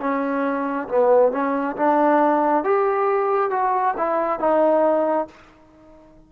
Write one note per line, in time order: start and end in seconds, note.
0.00 0.88 C#4
0.89 1.32 B3
1.32 1.76 C#4
1.76 2.64 D4
2.64 3.50 G4
3.50 3.94 F#4
3.97 4.40 E4
4.40 5.27 D#4